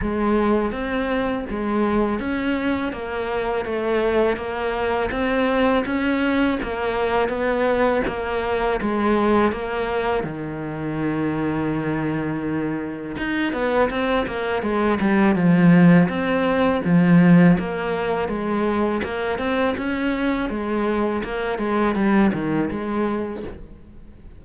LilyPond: \new Staff \with { instrumentName = "cello" } { \time 4/4 \tempo 4 = 82 gis4 c'4 gis4 cis'4 | ais4 a4 ais4 c'4 | cis'4 ais4 b4 ais4 | gis4 ais4 dis2~ |
dis2 dis'8 b8 c'8 ais8 | gis8 g8 f4 c'4 f4 | ais4 gis4 ais8 c'8 cis'4 | gis4 ais8 gis8 g8 dis8 gis4 | }